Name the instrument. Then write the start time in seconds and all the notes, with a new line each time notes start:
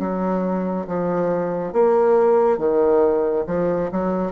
bassoon
0.00 F#3
0.87 F3
1.73 A#3
2.58 D#3
3.47 F3
3.92 F#3